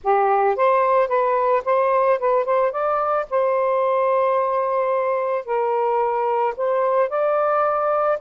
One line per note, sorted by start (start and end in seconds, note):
0.03 0.56 G4
0.56 1.08 C5
1.08 1.62 B4
1.64 2.19 C5
2.19 2.44 B4
2.44 2.71 C5
2.71 3.26 D5
3.30 5.45 C5
5.45 6.54 A#4
6.57 7.09 C5
7.09 8.18 D5